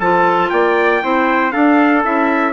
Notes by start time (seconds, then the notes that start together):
0.00 F3 F4 A4 A5
0.50 A#3 D5 G5
1.02 C4 E4 C5
1.51 D4 A4 F5
2.04 C#4 E4 E5